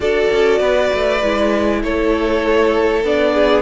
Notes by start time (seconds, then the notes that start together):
0.00 D4 F#4 A4 D5
0.31 C#4
0.59 B3 B4
0.93 A3
1.22 G#3 E4
1.82 A3 A4 C#5
3.03 B3 D4 D5
3.33 G#4